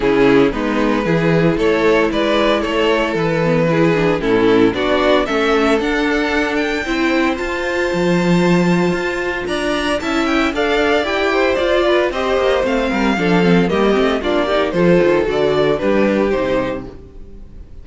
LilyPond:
<<
  \new Staff \with { instrumentName = "violin" } { \time 4/4 \tempo 4 = 114 gis'4 b'2 cis''4 | d''4 cis''4 b'2 | a'4 d''4 e''4 fis''4~ | fis''8 g''4. a''2~ |
a''2 ais''4 a''8 g''8 | f''4 g''4 d''4 dis''4 | f''2 dis''4 d''4 | c''4 d''4 b'4 c''4 | }
  \new Staff \with { instrumentName = "violin" } { \time 4/4 e'4 dis'4 gis'4 a'4 | b'4 a'2 gis'4 | e'4 fis'4 a'2~ | a'4 c''2.~ |
c''2 d''4 e''4 | d''4. c''4 b'8 c''4~ | c''8 ais'8 a'4 g'4 f'8 g'8 | a'2 g'2 | }
  \new Staff \with { instrumentName = "viola" } { \time 4/4 cis'4 b4 e'2~ | e'2~ e'8 b8 e'8 d'8 | cis'4 d'4 cis'4 d'4~ | d'4 e'4 f'2~ |
f'2. e'4 | a'4 g'4 f'4 g'4 | c'4 d'8 c'8 ais8 c'8 d'8 dis'8 | f'4 fis'4 d'4 dis'4 | }
  \new Staff \with { instrumentName = "cello" } { \time 4/4 cis4 gis4 e4 a4 | gis4 a4 e2 | a,4 b4 a4 d'4~ | d'4 c'4 f'4 f4~ |
f4 f'4 d'4 cis'4 | d'4 e'4 f'4 c'8 ais8 | a8 g8 f4 g8 a8 ais4 | f8 dis8 d4 g4 c4 | }
>>